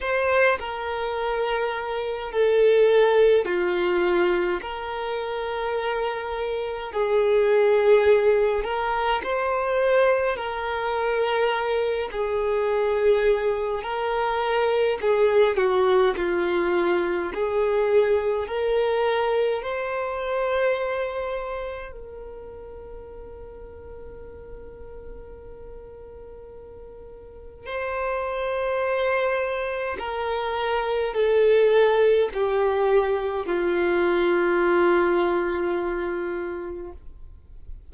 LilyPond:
\new Staff \with { instrumentName = "violin" } { \time 4/4 \tempo 4 = 52 c''8 ais'4. a'4 f'4 | ais'2 gis'4. ais'8 | c''4 ais'4. gis'4. | ais'4 gis'8 fis'8 f'4 gis'4 |
ais'4 c''2 ais'4~ | ais'1 | c''2 ais'4 a'4 | g'4 f'2. | }